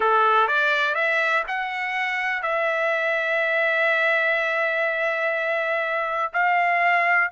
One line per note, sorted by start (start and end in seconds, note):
0.00 0.47 A4
0.47 0.94 D5
0.94 1.43 E5
1.47 2.42 F#5
2.42 6.32 E5
6.33 7.31 F5